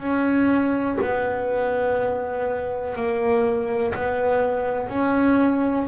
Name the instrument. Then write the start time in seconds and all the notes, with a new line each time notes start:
double bass
0.00 C#4
1.01 B3
2.96 A#3
3.95 B3
4.90 C#4